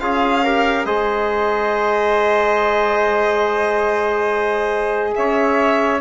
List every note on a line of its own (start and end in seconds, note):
0.00 0.85 C#4
0.00 0.44 F4
0.00 0.44 G#4
0.00 0.86 F5
0.44 0.86 G4
0.44 0.86 A#4
0.85 5.14 G#3
0.85 6.01 G#4
0.85 5.14 C5
0.85 5.14 D#5
5.16 6.01 C#4
5.16 6.01 C#5
5.16 6.01 E5